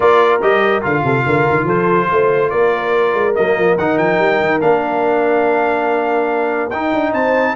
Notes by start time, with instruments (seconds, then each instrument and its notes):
0.00 tuba A#3, trombone F4, horn A#4, trumpet D5
0.41 tuba G3, trombone G4, trumpet D#5
0.81 tuba D3, trombone F4, trumpet F5
1.03 tuba C3, horn A4
1.25 tuba D3, horn A#4
1.49 tuba D#3
1.64 tuba F3, horn A4, trumpet C5
2.11 tuba A3, horn C5
2.50 tuba A#3, horn A#4, trumpet D5
3.13 tuba G#3
3.35 tuba F#3, trombone A#3, trumpet D#5
3.56 tuba F3
3.77 tuba D#3, trombone D#4, trumpet F#5
3.97 tuba F3, trumpet G5
4.18 tuba G3
4.40 tuba D#3
4.60 tuba A#3, trombone D4, trumpet F5
6.70 tuba D#4, trombone D#4, trumpet G5
6.94 tuba D4
7.12 tuba C4, horn C5, trumpet A5